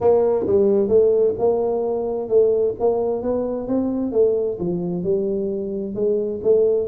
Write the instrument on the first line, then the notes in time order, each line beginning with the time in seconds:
tuba
0.00 A#3
0.46 G3
0.88 A3
1.39 A#3
2.28 A3
2.79 A#3
3.22 B3
3.67 C4
4.12 A3
4.59 F3
5.03 G3
5.94 G#3
6.43 A3